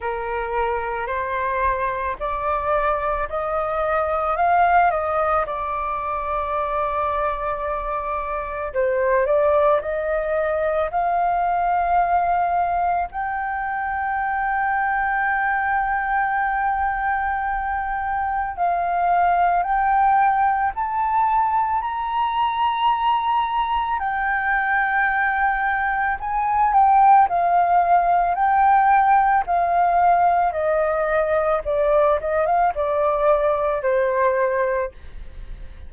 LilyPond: \new Staff \with { instrumentName = "flute" } { \time 4/4 \tempo 4 = 55 ais'4 c''4 d''4 dis''4 | f''8 dis''8 d''2. | c''8 d''8 dis''4 f''2 | g''1~ |
g''4 f''4 g''4 a''4 | ais''2 g''2 | gis''8 g''8 f''4 g''4 f''4 | dis''4 d''8 dis''16 f''16 d''4 c''4 | }